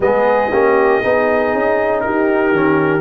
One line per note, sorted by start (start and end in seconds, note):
0.00 0.50 G#3
0.00 0.51 B3
0.00 0.50 G#4
0.00 2.00 D#5
0.50 1.03 A#3
0.50 1.02 C#4
0.50 1.01 G4
1.01 1.54 B3
1.01 2.54 D#4
1.01 2.03 G#4
1.54 2.04 C#4
2.00 2.51 D#4
2.00 3.00 G4
2.00 3.00 A#4
2.51 3.00 D#3
2.51 3.00 C#4